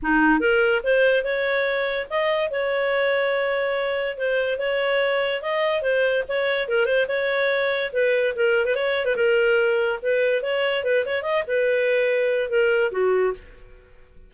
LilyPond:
\new Staff \with { instrumentName = "clarinet" } { \time 4/4 \tempo 4 = 144 dis'4 ais'4 c''4 cis''4~ | cis''4 dis''4 cis''2~ | cis''2 c''4 cis''4~ | cis''4 dis''4 c''4 cis''4 |
ais'8 c''8 cis''2 b'4 | ais'8. b'16 cis''8. b'16 ais'2 | b'4 cis''4 b'8 cis''8 dis''8 b'8~ | b'2 ais'4 fis'4 | }